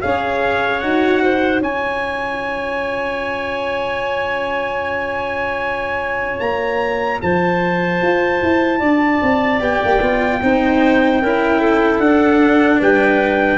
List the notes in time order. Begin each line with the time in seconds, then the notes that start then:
0.00 C#4 G#4 C#5 F5
0.79 D#4 F#4 F#5
1.22 C5
1.60 C#4 F4 C#5 G#5
6.39 A#3 A#5
7.21 F3 C5 A5
8.01 F4
8.42 E4
8.79 D4 D5
9.22 C4
9.59 B3 G4 G5
9.84 A#3
10.00 B3 F4
10.41 C4 D#4 C5
11.21 C#4 E4 A#4
11.60 A4
11.99 D4 F#5
12.79 G3 B4 G5